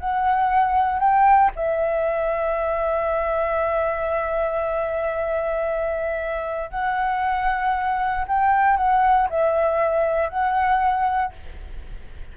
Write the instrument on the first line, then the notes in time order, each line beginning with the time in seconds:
flute
0.00 F#5
0.99 G5
1.56 E5
6.71 F#5
8.28 G5
8.77 F#5
9.30 E5
10.30 F#5